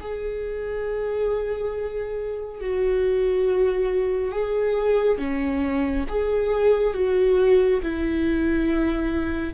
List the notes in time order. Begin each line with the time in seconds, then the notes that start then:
0.00 G#4
2.60 F#4
4.32 G#4
5.18 C#4
6.09 G#4
6.94 F#4
7.83 E4